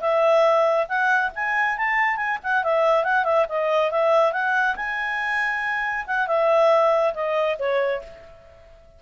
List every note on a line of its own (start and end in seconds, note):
0.00 0.86 E5
0.88 1.31 F#5
1.35 1.77 G#5
1.77 2.16 A5
2.16 2.38 G#5
2.43 2.63 F#5
2.63 3.04 E5
3.04 3.24 F#5
3.24 3.46 E5
3.48 3.91 D#5
3.91 4.32 E5
4.32 4.75 F#5
4.76 6.05 G#5
6.07 6.27 F#5
6.27 7.13 E5
7.14 7.57 D#5
7.58 8.01 C#5